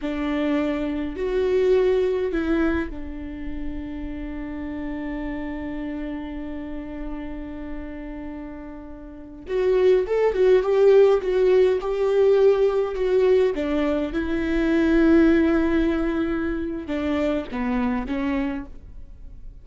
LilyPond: \new Staff \with { instrumentName = "viola" } { \time 4/4 \tempo 4 = 103 d'2 fis'2 | e'4 d'2.~ | d'1~ | d'1~ |
d'16 fis'4 a'8 fis'8 g'4 fis'8.~ | fis'16 g'2 fis'4 d'8.~ | d'16 e'2.~ e'8.~ | e'4 d'4 b4 cis'4 | }